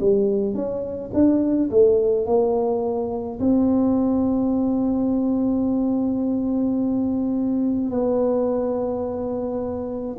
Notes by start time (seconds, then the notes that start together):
0.00 G3
0.55 C#4
1.14 D4
1.70 A3
2.26 A#3
3.40 C4
7.90 B3